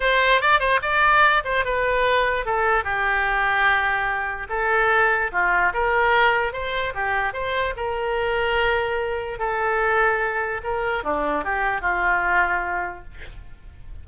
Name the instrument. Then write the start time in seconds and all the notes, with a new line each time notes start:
oboe
0.00 C5
0.41 D5
0.59 C5
0.82 D5
1.44 C5
1.64 B4
2.45 A4
2.84 G4
4.49 A4
5.32 F4
5.73 A#4
6.52 C5
6.94 G4
7.33 C5
7.76 A#4
9.38 A4
10.63 A#4
11.03 D4
11.44 G4
11.81 F4